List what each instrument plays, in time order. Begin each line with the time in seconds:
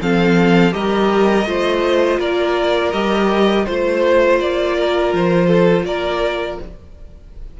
0.00 cello F3, viola C4, violin A4 F5
0.71 cello G3, viola G4, violin A#4 D#5
1.45 cello A3, viola F4, violin C5
2.19 cello A#3, violin A#4 D5
2.92 cello G3, viola G4, violin D#5
3.65 cello A3, viola F4, violin C5
4.40 cello A#3, violin D5
4.77 violin A#4
5.12 cello F3, violin C5
5.47 violin A4
5.84 cello A#3, violin A#4 D5